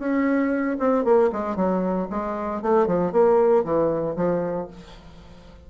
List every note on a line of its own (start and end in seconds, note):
0.00 0.78 C#4
0.80 1.05 C4
1.05 1.30 A#3
1.33 1.56 G#3
1.56 2.08 F#3
2.11 2.62 G#3
2.62 2.88 A3
2.88 3.13 F3
3.13 3.64 A#3
3.64 4.16 E3
4.16 4.68 F3